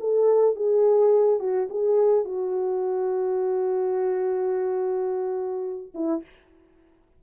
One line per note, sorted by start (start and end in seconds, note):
0.00 0.56 A4
0.56 1.39 G#4
1.39 1.68 F#4
1.70 2.25 G#4
2.25 5.93 F#4
5.94 6.23 E4